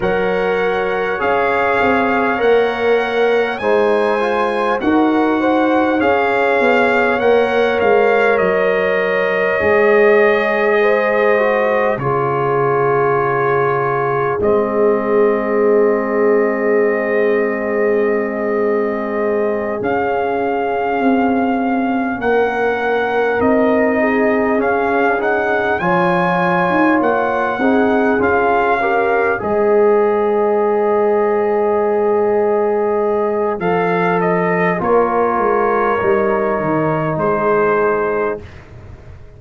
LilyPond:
<<
  \new Staff \with { instrumentName = "trumpet" } { \time 4/4 \tempo 4 = 50 fis''4 f''4 fis''4 gis''4 | fis''4 f''4 fis''8 f''8 dis''4~ | dis''2 cis''2 | dis''1~ |
dis''8 f''2 fis''4 dis''8~ | dis''8 f''8 fis''8 gis''4 fis''4 f''8~ | f''8 dis''2.~ dis''8 | f''8 dis''8 cis''2 c''4 | }
  \new Staff \with { instrumentName = "horn" } { \time 4/4 cis''2. c''4 | ais'8 c''8 cis''2.~ | cis''4 c''4 gis'2~ | gis'1~ |
gis'2~ gis'8 ais'4. | gis'4. cis''4. gis'4 | ais'8 c''2.~ c''8~ | c''4 ais'2 gis'4 | }
  \new Staff \with { instrumentName = "trombone" } { \time 4/4 ais'4 gis'4 ais'4 dis'8 f'8 | fis'4 gis'4 ais'2 | gis'4. fis'8 f'2 | c'1~ |
c'8 cis'2. dis'8~ | dis'8 cis'8 dis'8 f'4. dis'8 f'8 | g'8 gis'2.~ gis'8 | a'4 f'4 dis'2 | }
  \new Staff \with { instrumentName = "tuba" } { \time 4/4 fis4 cis'8 c'8 ais4 gis4 | dis'4 cis'8 b8 ais8 gis8 fis4 | gis2 cis2 | gis1~ |
gis8 cis'4 c'4 ais4 c'8~ | c'8 cis'4 f8. dis'16 ais8 c'8 cis'8~ | cis'8 gis2.~ gis8 | f4 ais8 gis8 g8 dis8 gis4 | }
>>